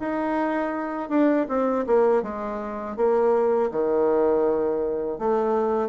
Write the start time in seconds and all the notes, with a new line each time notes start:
0.00 D#4
1.10 D4
1.49 C4
1.87 A#3
2.23 G#3
2.97 A#3
3.71 D#3
5.19 A3